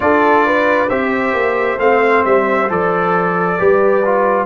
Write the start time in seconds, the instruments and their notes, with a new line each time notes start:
0.00 tuba D4, trombone F4, horn A4, trumpet D5
0.46 horn B4
0.88 tuba C4, trombone G4, horn C5, trumpet E5
1.33 tuba A#3
1.78 tuba A3, trombone C4, trumpet F5
2.25 tuba G3, trumpet E5
2.69 tuba F3, trombone A4, trumpet D5
3.58 tuba G3, trombone G4, horn B4
4.05 trombone F4